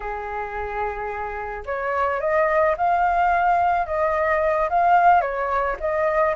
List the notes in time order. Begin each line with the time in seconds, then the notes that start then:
0.00 G#4
1.65 C#5
2.20 D#5
2.77 F5
3.86 D#5
4.69 F5
5.21 C#5
5.79 D#5